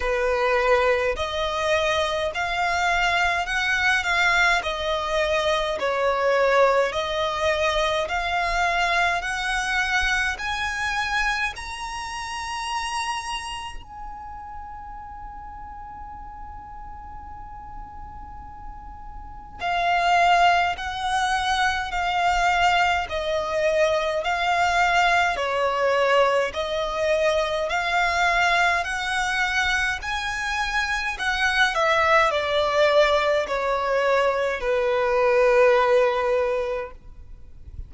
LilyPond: \new Staff \with { instrumentName = "violin" } { \time 4/4 \tempo 4 = 52 b'4 dis''4 f''4 fis''8 f''8 | dis''4 cis''4 dis''4 f''4 | fis''4 gis''4 ais''2 | gis''1~ |
gis''4 f''4 fis''4 f''4 | dis''4 f''4 cis''4 dis''4 | f''4 fis''4 gis''4 fis''8 e''8 | d''4 cis''4 b'2 | }